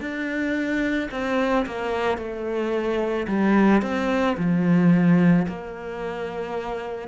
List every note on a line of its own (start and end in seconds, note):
0.00 1.09 D4
1.11 1.66 C4
1.66 2.18 A#3
2.18 3.27 A3
3.27 3.82 G3
3.82 4.36 C4
4.37 5.46 F3
5.48 7.08 A#3